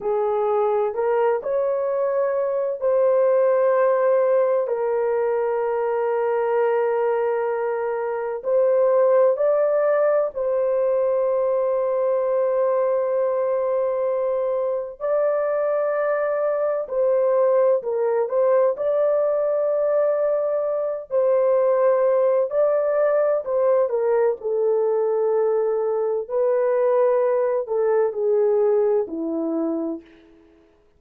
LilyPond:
\new Staff \with { instrumentName = "horn" } { \time 4/4 \tempo 4 = 64 gis'4 ais'8 cis''4. c''4~ | c''4 ais'2.~ | ais'4 c''4 d''4 c''4~ | c''1 |
d''2 c''4 ais'8 c''8 | d''2~ d''8 c''4. | d''4 c''8 ais'8 a'2 | b'4. a'8 gis'4 e'4 | }